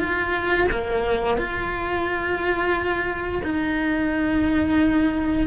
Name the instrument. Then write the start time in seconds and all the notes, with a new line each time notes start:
cello
0.00 F4
0.72 A#3
1.38 F4
3.44 D#4